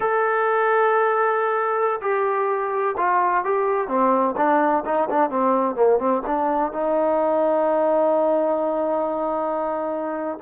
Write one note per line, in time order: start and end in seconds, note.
0.00 2.00 A4
2.01 2.95 G4
2.97 3.44 F4
3.44 3.88 G4
3.88 4.35 C4
4.37 4.84 D4
4.85 5.09 D#4
5.10 5.30 D4
5.30 5.75 C4
5.75 5.98 A#3
5.98 6.22 C4
6.26 6.72 D4
6.72 10.38 D#4